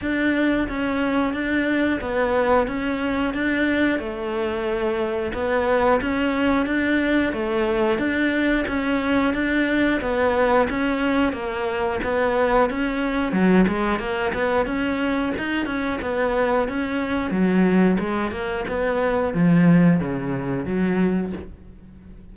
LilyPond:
\new Staff \with { instrumentName = "cello" } { \time 4/4 \tempo 4 = 90 d'4 cis'4 d'4 b4 | cis'4 d'4 a2 | b4 cis'4 d'4 a4 | d'4 cis'4 d'4 b4 |
cis'4 ais4 b4 cis'4 | fis8 gis8 ais8 b8 cis'4 dis'8 cis'8 | b4 cis'4 fis4 gis8 ais8 | b4 f4 cis4 fis4 | }